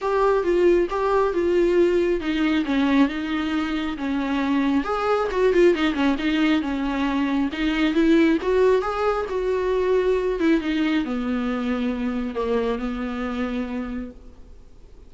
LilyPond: \new Staff \with { instrumentName = "viola" } { \time 4/4 \tempo 4 = 136 g'4 f'4 g'4 f'4~ | f'4 dis'4 cis'4 dis'4~ | dis'4 cis'2 gis'4 | fis'8 f'8 dis'8 cis'8 dis'4 cis'4~ |
cis'4 dis'4 e'4 fis'4 | gis'4 fis'2~ fis'8 e'8 | dis'4 b2. | ais4 b2. | }